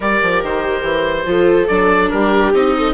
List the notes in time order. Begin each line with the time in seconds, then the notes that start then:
0.00 G3 G4 A#4 D5
0.22 F3
0.42 D#3 C5
0.82 E3
1.25 F3 F4 A4
1.67 F#3 D4 D5
2.09 G3 G4 A#4
2.53 C4 D#4 D#5
2.76 A4